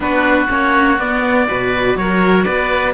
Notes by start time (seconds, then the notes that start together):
0.00 B3 D4 F#4 B4
0.48 A#3 C#4 C#5
0.98 B3 D5
1.48 B2 F#4 B4
1.95 F#3 A#4 C#5
2.44 B3 B4 D5